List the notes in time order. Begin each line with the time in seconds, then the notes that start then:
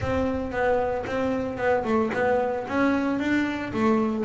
0.00 C4
0.51 B3
1.06 C4
1.57 B3
1.84 A3
2.13 B3
2.67 C#4
3.19 D4
3.73 A3